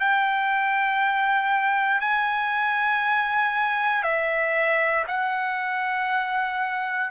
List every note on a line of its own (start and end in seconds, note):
0.00 2.01 G5
2.01 4.03 G#5
4.03 5.05 E5
5.08 7.11 F#5